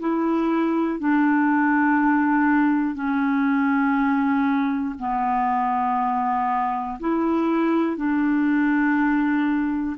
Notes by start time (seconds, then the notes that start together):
0.00 E4
1.00 D4
2.95 C#4
4.99 B3
7.00 E4
7.97 D4